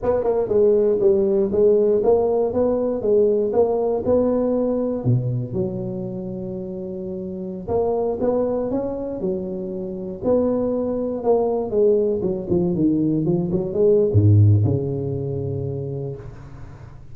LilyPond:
\new Staff \with { instrumentName = "tuba" } { \time 4/4 \tempo 4 = 119 b8 ais8 gis4 g4 gis4 | ais4 b4 gis4 ais4 | b2 b,4 fis4~ | fis2.~ fis16 ais8.~ |
ais16 b4 cis'4 fis4.~ fis16~ | fis16 b2 ais4 gis8.~ | gis16 fis8 f8 dis4 f8 fis8 gis8. | gis,4 cis2. | }